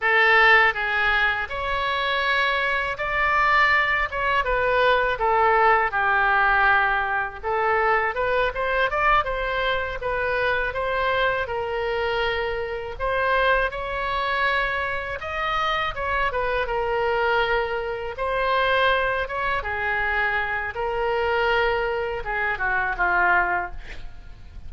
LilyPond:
\new Staff \with { instrumentName = "oboe" } { \time 4/4 \tempo 4 = 81 a'4 gis'4 cis''2 | d''4. cis''8 b'4 a'4 | g'2 a'4 b'8 c''8 | d''8 c''4 b'4 c''4 ais'8~ |
ais'4. c''4 cis''4.~ | cis''8 dis''4 cis''8 b'8 ais'4.~ | ais'8 c''4. cis''8 gis'4. | ais'2 gis'8 fis'8 f'4 | }